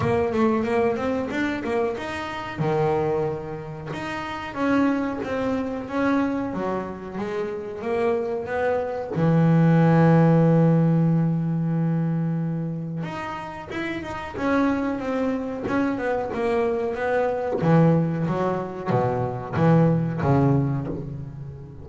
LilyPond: \new Staff \with { instrumentName = "double bass" } { \time 4/4 \tempo 4 = 92 ais8 a8 ais8 c'8 d'8 ais8 dis'4 | dis2 dis'4 cis'4 | c'4 cis'4 fis4 gis4 | ais4 b4 e2~ |
e1 | dis'4 e'8 dis'8 cis'4 c'4 | cis'8 b8 ais4 b4 e4 | fis4 b,4 e4 cis4 | }